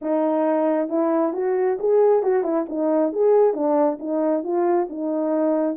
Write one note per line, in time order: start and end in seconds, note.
0.01 0.88 D#4
0.88 1.33 E4
1.33 1.77 F#4
1.79 2.22 G#4
2.22 2.43 F#4
2.43 2.65 E4
2.69 3.12 D#4
3.12 3.53 G#4
3.53 3.98 D4
3.99 4.43 D#4
4.43 4.88 F4
4.89 5.76 D#4